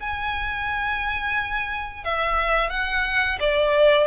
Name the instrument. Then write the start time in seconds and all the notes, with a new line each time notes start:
violin
0.00 G#5
2.04 E5
2.70 F#5
3.39 D5